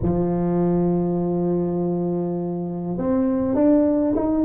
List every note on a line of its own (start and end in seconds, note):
0.02 2.97 F3
2.97 3.55 C4
3.55 4.14 D4
4.15 4.44 D#4